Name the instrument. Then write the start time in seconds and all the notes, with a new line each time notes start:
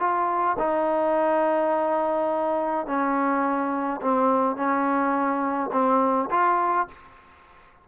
trombone
0.00 F4
0.59 D#4
2.87 C#4
4.02 C4
4.56 C#4
5.72 C4
6.31 F4